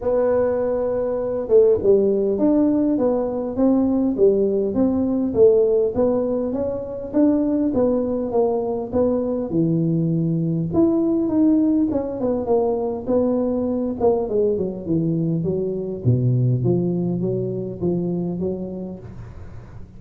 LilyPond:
\new Staff \with { instrumentName = "tuba" } { \time 4/4 \tempo 4 = 101 b2~ b8 a8 g4 | d'4 b4 c'4 g4 | c'4 a4 b4 cis'4 | d'4 b4 ais4 b4 |
e2 e'4 dis'4 | cis'8 b8 ais4 b4. ais8 | gis8 fis8 e4 fis4 b,4 | f4 fis4 f4 fis4 | }